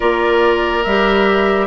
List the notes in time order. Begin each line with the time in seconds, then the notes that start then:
0.00 A#3 F4 A#4 D5
0.83 G3 G4 E5